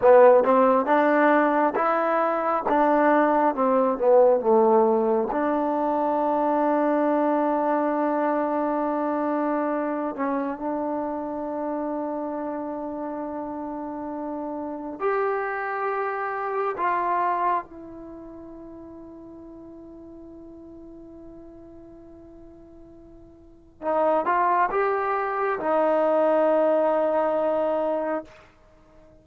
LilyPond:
\new Staff \with { instrumentName = "trombone" } { \time 4/4 \tempo 4 = 68 b8 c'8 d'4 e'4 d'4 | c'8 b8 a4 d'2~ | d'2.~ d'8 cis'8 | d'1~ |
d'4 g'2 f'4 | e'1~ | e'2. dis'8 f'8 | g'4 dis'2. | }